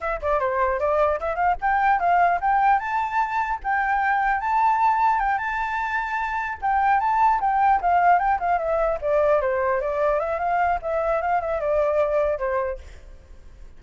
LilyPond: \new Staff \with { instrumentName = "flute" } { \time 4/4 \tempo 4 = 150 e''8 d''8 c''4 d''4 e''8 f''8 | g''4 f''4 g''4 a''4~ | a''4 g''2 a''4~ | a''4 g''8 a''2~ a''8~ |
a''8 g''4 a''4 g''4 f''8~ | f''8 g''8 f''8 e''4 d''4 c''8~ | c''8 d''4 e''8 f''4 e''4 | f''8 e''8 d''2 c''4 | }